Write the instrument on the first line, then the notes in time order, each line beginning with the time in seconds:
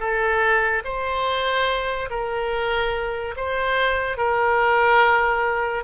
oboe
0.00 A4
0.85 C5
2.10 A#4
3.37 C5
4.18 A#4